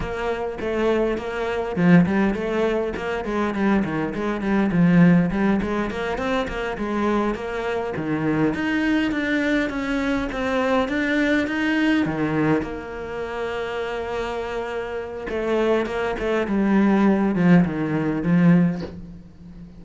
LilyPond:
\new Staff \with { instrumentName = "cello" } { \time 4/4 \tempo 4 = 102 ais4 a4 ais4 f8 g8 | a4 ais8 gis8 g8 dis8 gis8 g8 | f4 g8 gis8 ais8 c'8 ais8 gis8~ | gis8 ais4 dis4 dis'4 d'8~ |
d'8 cis'4 c'4 d'4 dis'8~ | dis'8 dis4 ais2~ ais8~ | ais2 a4 ais8 a8 | g4. f8 dis4 f4 | }